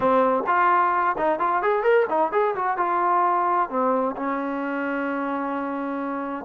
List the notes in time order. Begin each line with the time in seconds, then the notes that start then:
0.00 C4
0.47 F4
1.17 D#4
1.39 F4
1.62 G#4
1.83 A#4
2.09 D#4
2.31 G#4
2.55 F#4
2.77 F4
3.69 C4
4.16 C#4